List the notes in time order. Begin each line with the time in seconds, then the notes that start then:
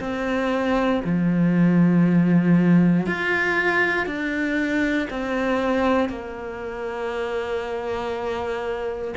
0.00 C4
1.04 F3
3.07 F4
4.07 D4
5.10 C4
6.09 A#3